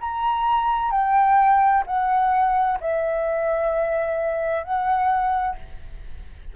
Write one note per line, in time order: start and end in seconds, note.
0.00 0.91 A#5
0.91 1.83 G5
1.86 2.78 F#5
2.80 4.63 E5
4.63 5.56 F#5